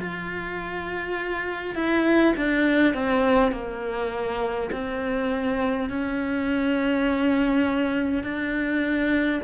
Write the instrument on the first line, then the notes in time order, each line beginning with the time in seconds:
cello
0.00 F4
1.75 E4
2.37 D4
2.94 C4
3.52 A#3
4.73 C4
5.89 C#4
8.24 D4